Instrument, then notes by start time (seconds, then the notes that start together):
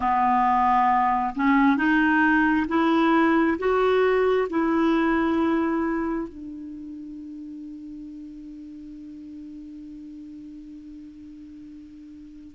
clarinet
0.00 B3
1.35 C#4
1.77 D#4
2.67 E4
3.58 F#4
4.49 E4
6.28 D4